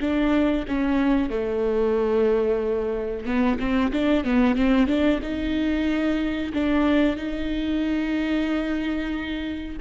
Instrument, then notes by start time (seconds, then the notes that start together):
viola
0.00 D4
0.67 C#4
1.30 A3
3.25 B3
3.59 C4
3.92 D4
4.24 B3
4.55 C4
4.87 D4
5.22 D#4
6.53 D4
7.16 D#4